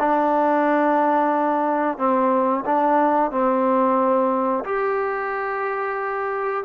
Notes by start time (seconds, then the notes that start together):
0.00 D4
1.98 C4
2.66 D4
3.32 C4
4.65 G4